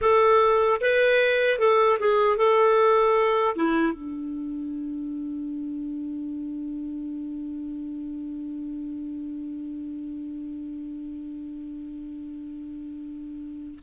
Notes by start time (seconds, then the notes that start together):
0.01 A4
0.80 B4
1.58 A4
1.99 G#4
2.36 A4
3.55 E4
3.92 D4